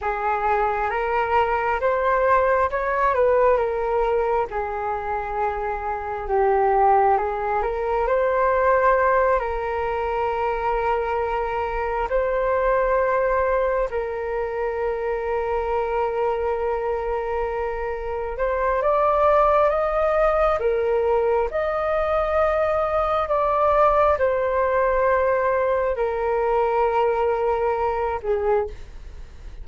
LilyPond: \new Staff \with { instrumentName = "flute" } { \time 4/4 \tempo 4 = 67 gis'4 ais'4 c''4 cis''8 b'8 | ais'4 gis'2 g'4 | gis'8 ais'8 c''4. ais'4.~ | ais'4. c''2 ais'8~ |
ais'1~ | ais'8 c''8 d''4 dis''4 ais'4 | dis''2 d''4 c''4~ | c''4 ais'2~ ais'8 gis'8 | }